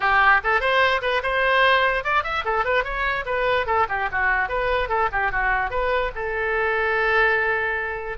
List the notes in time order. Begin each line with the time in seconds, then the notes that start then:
0.00 G4
0.43 A4
0.60 C5
1.01 B4
1.22 C5
2.03 D5
2.23 E5
2.44 A4
2.64 B4
2.84 C#5
3.25 B4
3.66 A4
3.88 G4
4.11 F#4
4.48 B4
4.88 A4
5.12 G4
5.31 F#4
5.70 B4
6.15 A4